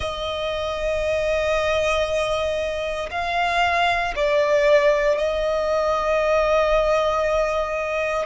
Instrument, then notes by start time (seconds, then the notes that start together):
violin
0.00 D#5
3.10 F5
4.15 D5
5.17 D#5